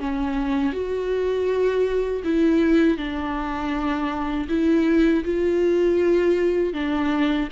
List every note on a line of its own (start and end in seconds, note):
0.00 0.73 C#4
0.73 2.23 F#4
2.25 2.98 E4
2.98 4.48 D4
4.49 5.24 E4
5.25 6.74 F4
6.74 7.49 D4